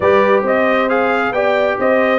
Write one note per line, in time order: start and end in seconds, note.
0.00 0.42 G3
0.00 0.89 G4
0.00 0.43 B4
0.00 0.43 D5
0.42 1.31 C4
0.42 1.32 C5
0.42 0.89 D#5
0.89 1.33 G#4
0.89 1.32 F5
1.31 1.76 B3
1.31 2.19 G4
1.31 1.78 D5
1.31 1.77 G5
1.78 2.19 C4
1.78 2.19 C5
1.78 2.19 D#5